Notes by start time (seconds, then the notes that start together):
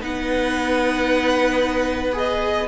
0.00 B3 D#4 B4 F#5
2.12 G#4 D#5